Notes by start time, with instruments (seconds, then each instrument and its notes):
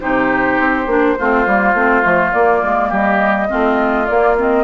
0.00 bassoon C3, clarinet D#4, oboe G4, flute C5
0.59 bassoon C4
0.86 bassoon A#3, clarinet D4
1.18 bassoon A3, clarinet C4, oboe F4
1.46 bassoon G3, clarinet A#3
1.74 bassoon A3, clarinet C4
2.03 bassoon F3, clarinet A3
2.33 clarinet A#3, bassoon A#3, flute D5
2.63 bassoon G#3
2.89 bassoon G3, oboe G4, flute D#5
3.49 bassoon A3, clarinet C4, oboe F4
4.07 clarinet A#3, bassoon A#3, flute D5
4.38 clarinet C4, flute D#5